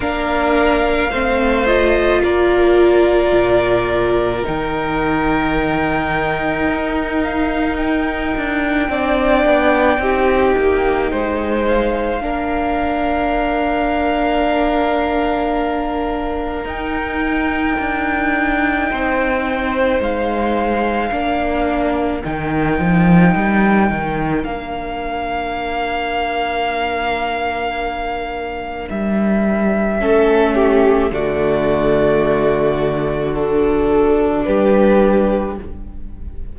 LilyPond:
<<
  \new Staff \with { instrumentName = "violin" } { \time 4/4 \tempo 4 = 54 f''4. dis''8 d''2 | g''2~ g''8 f''8 g''4~ | g''2~ g''8 f''4.~ | f''2. g''4~ |
g''2 f''2 | g''2 f''2~ | f''2 e''2 | d''2 a'4 b'4 | }
  \new Staff \with { instrumentName = "violin" } { \time 4/4 ais'4 c''4 ais'2~ | ais'1 | d''4 g'4 c''4 ais'4~ | ais'1~ |
ais'4 c''2 ais'4~ | ais'1~ | ais'2. a'8 g'8 | fis'2. g'4 | }
  \new Staff \with { instrumentName = "viola" } { \time 4/4 d'4 c'8 f'2~ f'8 | dis'1 | d'4 dis'2 d'4~ | d'2. dis'4~ |
dis'2. d'4 | dis'2 d'2~ | d'2. cis'4 | a2 d'2 | }
  \new Staff \with { instrumentName = "cello" } { \time 4/4 ais4 a4 ais4 ais,4 | dis2 dis'4. d'8 | c'8 b8 c'8 ais8 gis4 ais4~ | ais2. dis'4 |
d'4 c'4 gis4 ais4 | dis8 f8 g8 dis8 ais2~ | ais2 g4 a4 | d2. g4 | }
>>